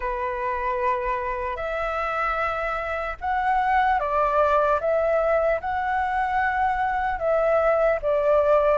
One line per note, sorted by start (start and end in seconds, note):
0.00 1.56 B4
1.56 3.16 E5
3.20 3.99 F#5
3.99 4.79 D5
4.80 5.60 E5
5.60 7.19 F#5
7.19 7.99 E5
8.02 8.78 D5